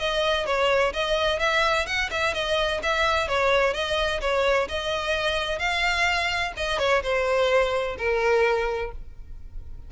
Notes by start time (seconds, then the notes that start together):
0.00 D#5
0.46 C#5
0.94 D#5
1.40 E5
1.87 F#5
2.11 E5
2.35 D#5
2.83 E5
3.29 C#5
3.74 D#5
4.21 C#5
4.69 D#5
5.59 F5
6.57 D#5
6.79 C#5
7.03 C5
7.98 A#4